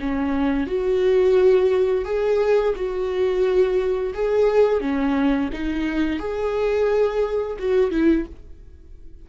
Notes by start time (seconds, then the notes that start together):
0.00 C#4
0.67 F#4
2.05 G#4
2.76 F#4
4.14 G#4
4.81 C#4
5.53 D#4
6.20 G#4
7.59 F#4
7.91 E4